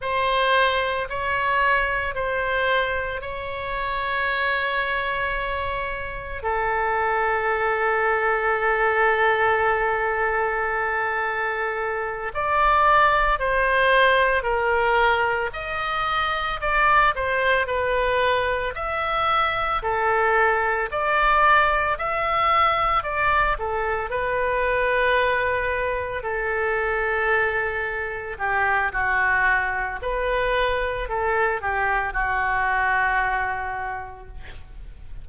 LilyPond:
\new Staff \with { instrumentName = "oboe" } { \time 4/4 \tempo 4 = 56 c''4 cis''4 c''4 cis''4~ | cis''2 a'2~ | a'2.~ a'8 d''8~ | d''8 c''4 ais'4 dis''4 d''8 |
c''8 b'4 e''4 a'4 d''8~ | d''8 e''4 d''8 a'8 b'4.~ | b'8 a'2 g'8 fis'4 | b'4 a'8 g'8 fis'2 | }